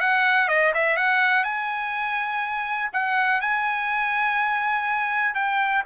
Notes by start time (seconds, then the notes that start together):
0.00 F#5
0.48 D#5
0.74 E5
0.96 F#5
1.43 G#5
2.93 F#5
3.41 G#5
5.34 G5